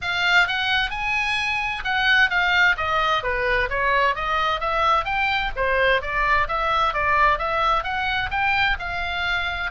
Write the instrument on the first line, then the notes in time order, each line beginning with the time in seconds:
oboe
0.01 F5
0.47 F#5
0.90 G#5
1.84 F#5
2.30 F5
2.77 D#5
3.23 B4
3.69 C#5
4.15 D#5
4.60 E5
5.05 G5
5.56 C5
6.01 D5
6.48 E5
6.93 D5
7.38 E5
7.83 F#5
8.31 G5
8.79 F5